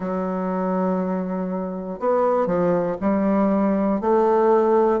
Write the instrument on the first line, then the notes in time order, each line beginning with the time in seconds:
bassoon
0.00 F#3
2.00 B3
2.46 F3
3.00 G3
4.00 A3